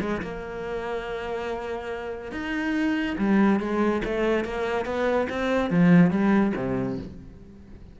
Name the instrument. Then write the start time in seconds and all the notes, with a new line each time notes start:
cello
0.00 G#3
0.22 A#3
2.31 D#4
3.18 G3
3.59 G#3
4.04 A3
4.44 A#3
4.85 B3
5.29 C4
5.70 F3
6.10 G3
6.56 C3